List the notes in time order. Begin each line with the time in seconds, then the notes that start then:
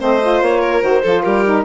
0.00 A3 C4 C5 D#5
0.21 F4
0.41 A#3 C#5
0.61 A#4
0.81 D#3 F#4 C5
1.02 F3 F4 A4
1.23 G3 G4 A#4
1.45 D#4